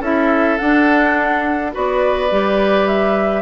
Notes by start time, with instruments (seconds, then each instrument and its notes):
0.00 bassoon C#4, clarinet E4, oboe A4, flute E5
0.57 clarinet D4, bassoon D4, flute F#5
1.72 bassoon B3, clarinet F#4, oboe B4, flute D5
2.30 bassoon G3, clarinet G4
2.87 flute E5